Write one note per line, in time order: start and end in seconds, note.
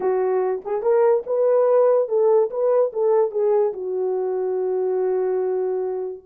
0.00 0.61 F#4
0.65 0.82 G#4
0.82 1.23 A#4
1.26 2.08 B4
2.08 2.50 A4
2.50 2.91 B4
2.93 3.31 A4
3.31 3.73 G#4
3.73 6.23 F#4